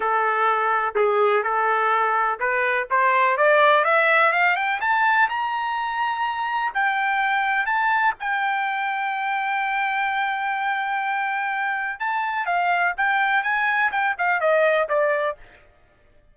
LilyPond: \new Staff \with { instrumentName = "trumpet" } { \time 4/4 \tempo 4 = 125 a'2 gis'4 a'4~ | a'4 b'4 c''4 d''4 | e''4 f''8 g''8 a''4 ais''4~ | ais''2 g''2 |
a''4 g''2.~ | g''1~ | g''4 a''4 f''4 g''4 | gis''4 g''8 f''8 dis''4 d''4 | }